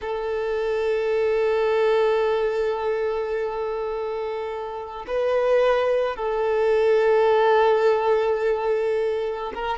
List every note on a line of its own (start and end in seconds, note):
0.01 5.05 A4
5.07 6.16 B4
6.16 9.52 A4
9.54 9.78 A#4